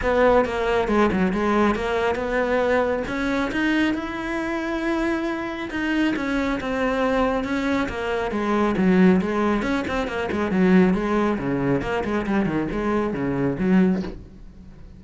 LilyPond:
\new Staff \with { instrumentName = "cello" } { \time 4/4 \tempo 4 = 137 b4 ais4 gis8 fis8 gis4 | ais4 b2 cis'4 | dis'4 e'2.~ | e'4 dis'4 cis'4 c'4~ |
c'4 cis'4 ais4 gis4 | fis4 gis4 cis'8 c'8 ais8 gis8 | fis4 gis4 cis4 ais8 gis8 | g8 dis8 gis4 cis4 fis4 | }